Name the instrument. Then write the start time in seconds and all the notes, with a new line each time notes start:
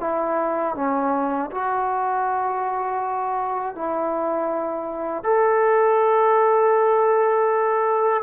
trombone
0.00 E4
0.75 C#4
1.51 F#4
3.75 E4
5.24 A4